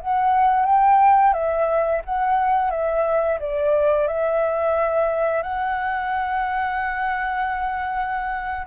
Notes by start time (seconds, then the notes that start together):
0.00 F#5
0.65 G5
1.33 E5
2.05 F#5
2.70 E5
3.39 D5
4.07 E5
5.42 F#5